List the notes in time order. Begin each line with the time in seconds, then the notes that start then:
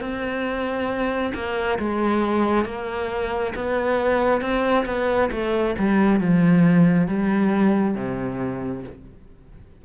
0.00 C4
1.34 A#3
1.78 G#3
2.65 A#3
3.55 B3
4.41 C4
4.85 B3
5.31 A3
5.78 G3
6.20 F3
7.07 G3
7.95 C3